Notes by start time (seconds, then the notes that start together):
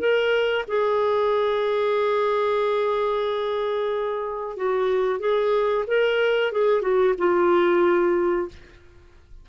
0.00 A#4
0.68 G#4
4.57 F#4
5.20 G#4
5.88 A#4
6.52 G#4
6.82 F#4
7.18 F4